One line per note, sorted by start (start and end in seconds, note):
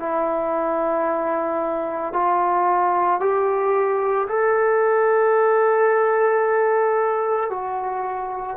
0.00 2.14 E4
2.14 3.21 F4
3.21 4.28 G4
4.29 7.50 A4
7.50 8.57 F#4